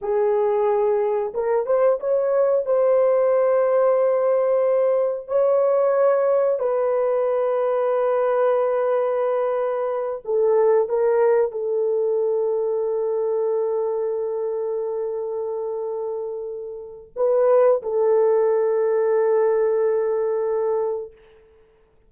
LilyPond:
\new Staff \with { instrumentName = "horn" } { \time 4/4 \tempo 4 = 91 gis'2 ais'8 c''8 cis''4 | c''1 | cis''2 b'2~ | b'2.~ b'8 a'8~ |
a'8 ais'4 a'2~ a'8~ | a'1~ | a'2 b'4 a'4~ | a'1 | }